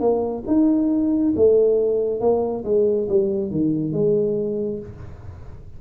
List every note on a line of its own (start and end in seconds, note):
0.00 0.43 A#3
0.47 1.34 D#4
1.36 2.21 A3
2.21 2.64 A#3
2.64 3.08 G#3
3.09 3.51 G3
3.51 3.92 D#3
3.92 4.79 G#3